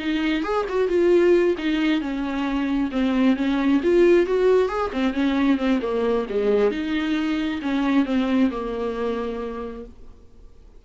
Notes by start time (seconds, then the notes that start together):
0.00 D#4
0.44 G#4
0.69 F#4
0.89 F4
1.58 D#4
2.01 C#4
2.92 C4
3.36 C#4
3.83 F4
4.27 F#4
4.69 G#4
4.93 C4
5.14 C#4
5.58 C4
5.82 A#3
6.30 G#3
6.71 D#4
7.62 C#4
8.06 C4
8.51 A#3